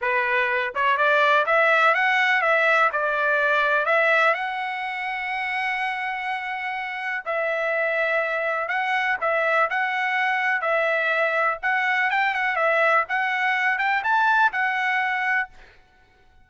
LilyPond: \new Staff \with { instrumentName = "trumpet" } { \time 4/4 \tempo 4 = 124 b'4. cis''8 d''4 e''4 | fis''4 e''4 d''2 | e''4 fis''2.~ | fis''2. e''4~ |
e''2 fis''4 e''4 | fis''2 e''2 | fis''4 g''8 fis''8 e''4 fis''4~ | fis''8 g''8 a''4 fis''2 | }